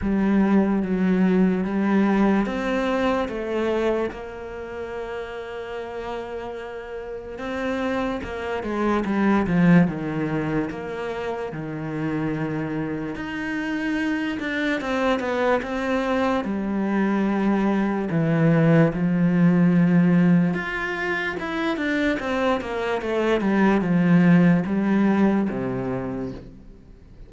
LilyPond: \new Staff \with { instrumentName = "cello" } { \time 4/4 \tempo 4 = 73 g4 fis4 g4 c'4 | a4 ais2.~ | ais4 c'4 ais8 gis8 g8 f8 | dis4 ais4 dis2 |
dis'4. d'8 c'8 b8 c'4 | g2 e4 f4~ | f4 f'4 e'8 d'8 c'8 ais8 | a8 g8 f4 g4 c4 | }